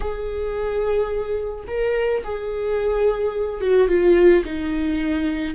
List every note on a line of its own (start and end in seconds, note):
0.00 1.64 G#4
1.67 2.22 A#4
2.23 3.60 G#4
3.60 3.88 F#4
3.88 4.43 F4
4.44 5.54 D#4